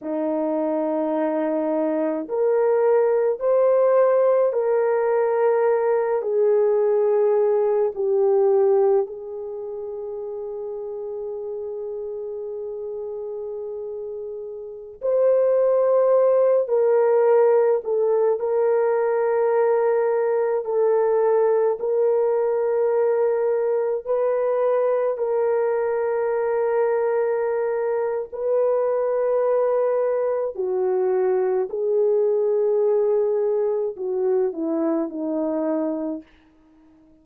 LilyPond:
\new Staff \with { instrumentName = "horn" } { \time 4/4 \tempo 4 = 53 dis'2 ais'4 c''4 | ais'4. gis'4. g'4 | gis'1~ | gis'4~ gis'16 c''4. ais'4 a'16~ |
a'16 ais'2 a'4 ais'8.~ | ais'4~ ais'16 b'4 ais'4.~ ais'16~ | ais'4 b'2 fis'4 | gis'2 fis'8 e'8 dis'4 | }